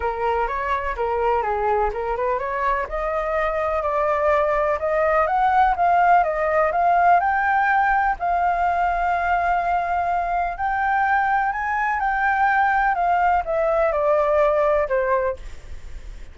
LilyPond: \new Staff \with { instrumentName = "flute" } { \time 4/4 \tempo 4 = 125 ais'4 cis''4 ais'4 gis'4 | ais'8 b'8 cis''4 dis''2 | d''2 dis''4 fis''4 | f''4 dis''4 f''4 g''4~ |
g''4 f''2.~ | f''2 g''2 | gis''4 g''2 f''4 | e''4 d''2 c''4 | }